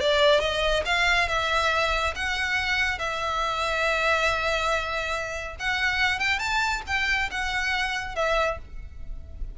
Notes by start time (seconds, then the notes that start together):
0.00 D5
0.40 D#5
0.85 F5
1.28 E5
2.15 F#5
2.99 E5
5.59 F#5
6.19 G5
6.39 A5
6.87 G5
7.31 F#5
8.15 E5